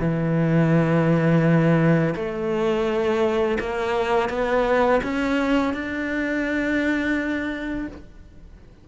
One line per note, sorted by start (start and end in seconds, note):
0.00 2.14 E3
2.15 3.58 A3
3.59 4.29 A#3
4.29 5.01 B3
5.03 5.73 C#4
5.73 7.88 D4